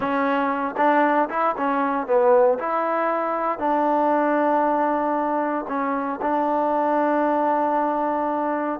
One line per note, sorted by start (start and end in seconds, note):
0.00 0.75 C#4
0.77 1.29 D4
1.29 1.55 E4
1.57 2.06 C#4
2.06 2.58 B3
2.58 3.58 E4
3.58 5.65 D4
5.68 6.20 C#4
6.21 8.80 D4